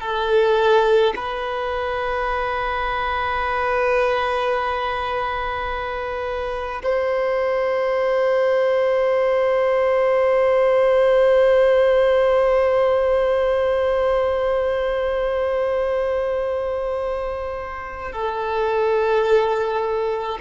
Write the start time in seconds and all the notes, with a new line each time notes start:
0.00 A4
1.16 B4
6.83 C5
18.11 A4